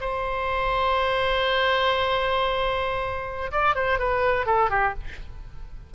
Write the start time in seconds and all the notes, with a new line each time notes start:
0.00 C5
3.51 D5
3.75 C5
3.99 B4
4.46 A4
4.70 G4